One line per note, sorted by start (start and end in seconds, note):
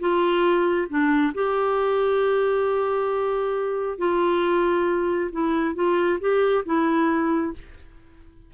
0.00 0.88 F4
0.89 1.34 D4
1.35 3.99 G4
3.99 5.31 F4
5.32 5.76 E4
5.76 6.20 F4
6.20 6.65 G4
6.66 7.54 E4